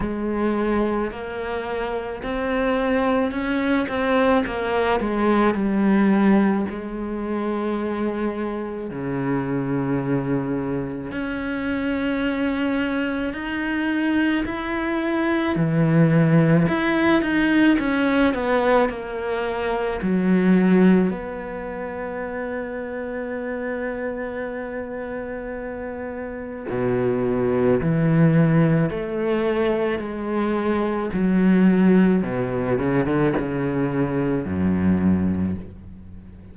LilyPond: \new Staff \with { instrumentName = "cello" } { \time 4/4 \tempo 4 = 54 gis4 ais4 c'4 cis'8 c'8 | ais8 gis8 g4 gis2 | cis2 cis'2 | dis'4 e'4 e4 e'8 dis'8 |
cis'8 b8 ais4 fis4 b4~ | b1 | b,4 e4 a4 gis4 | fis4 b,8 cis16 d16 cis4 fis,4 | }